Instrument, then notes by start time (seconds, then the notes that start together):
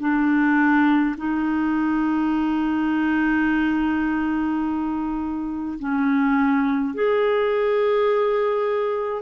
clarinet
0.00 D4
1.17 D#4
5.79 C#4
6.94 G#4